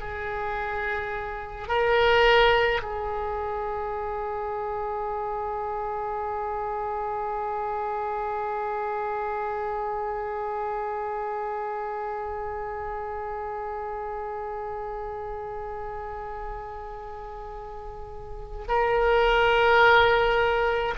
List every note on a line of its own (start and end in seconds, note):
0.00 1.69 G#4
1.69 2.82 A#4
2.83 18.67 G#4
18.68 20.95 A#4